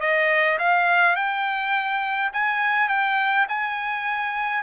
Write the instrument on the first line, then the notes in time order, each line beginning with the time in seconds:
trumpet
0.00 D#5
0.58 F5
1.15 G5
2.33 G#5
2.88 G5
3.48 G#5